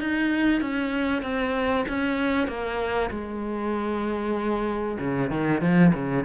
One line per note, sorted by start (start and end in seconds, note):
0.00 0.61 D#4
0.61 1.23 C#4
1.23 1.85 C4
1.89 2.48 C#4
2.48 3.10 A#3
3.11 4.98 G#3
4.99 5.30 C#3
5.30 5.61 D#3
5.61 5.92 F3
5.94 6.25 C#3